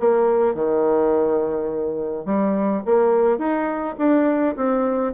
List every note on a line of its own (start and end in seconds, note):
0.00 0.55 A#3
0.55 2.25 D#3
2.25 2.83 G3
2.85 3.38 A#3
3.38 3.95 D#4
3.98 4.55 D4
4.56 5.14 C4